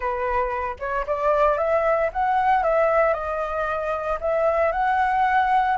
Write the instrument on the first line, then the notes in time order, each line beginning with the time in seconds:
flute
0.00 B4
0.79 C#5
1.06 D5
1.57 E5
2.12 F#5
2.63 E5
3.13 D#5
4.21 E5
4.72 F#5